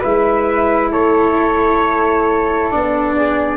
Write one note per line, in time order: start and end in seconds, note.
0.00 0.93 G#3
0.00 2.71 E4
0.00 0.90 B4
0.00 0.92 E5
0.92 2.72 A3
0.92 3.15 A4
0.92 2.71 C#5
2.71 3.57 B3
2.71 3.57 D4
2.71 3.57 D5
3.16 3.57 G#4